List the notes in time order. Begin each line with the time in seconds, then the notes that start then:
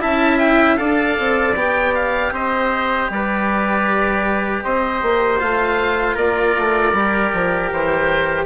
0.00 C#4 E4 E5 A5
0.39 G5
0.77 D4 A4 D5 F5
1.19 C4
1.55 B3 G4 G5
1.95 F5
2.32 C4 C5 D#5
3.10 G3 B4 D5
4.64 C4 C5 D#5
5.02 A#3
5.39 A3 F4 F5
6.15 A#3 A#4 D5
6.57 A3
6.93 G3 G4
7.33 F3
7.71 E3 C5